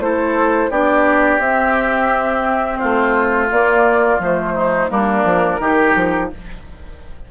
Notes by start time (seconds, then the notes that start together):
0.00 A3 E4 A4 C5
0.70 B3 D4 G4 D5
1.39 C4 E5
2.77 A3 F4 C5
3.50 A#3 D5
4.19 F3 A3 C5
4.54 D#4
4.90 G3 A#3 D4 A#4
5.24 F3
5.59 D#3 D#4 G4
5.96 F3